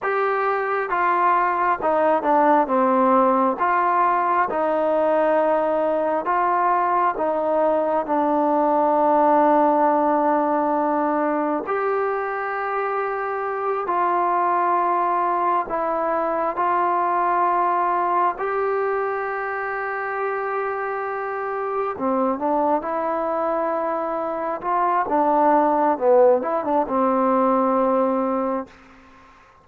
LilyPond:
\new Staff \with { instrumentName = "trombone" } { \time 4/4 \tempo 4 = 67 g'4 f'4 dis'8 d'8 c'4 | f'4 dis'2 f'4 | dis'4 d'2.~ | d'4 g'2~ g'8 f'8~ |
f'4. e'4 f'4.~ | f'8 g'2.~ g'8~ | g'8 c'8 d'8 e'2 f'8 | d'4 b8 e'16 d'16 c'2 | }